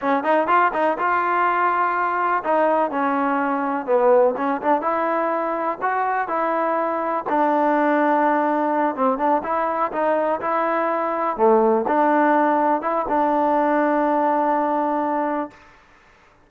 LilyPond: \new Staff \with { instrumentName = "trombone" } { \time 4/4 \tempo 4 = 124 cis'8 dis'8 f'8 dis'8 f'2~ | f'4 dis'4 cis'2 | b4 cis'8 d'8 e'2 | fis'4 e'2 d'4~ |
d'2~ d'8 c'8 d'8 e'8~ | e'8 dis'4 e'2 a8~ | a8 d'2 e'8 d'4~ | d'1 | }